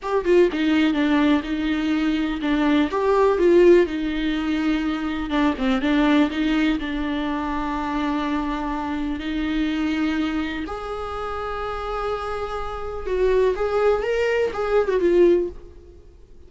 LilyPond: \new Staff \with { instrumentName = "viola" } { \time 4/4 \tempo 4 = 124 g'8 f'8 dis'4 d'4 dis'4~ | dis'4 d'4 g'4 f'4 | dis'2. d'8 c'8 | d'4 dis'4 d'2~ |
d'2. dis'4~ | dis'2 gis'2~ | gis'2. fis'4 | gis'4 ais'4 gis'8. fis'16 f'4 | }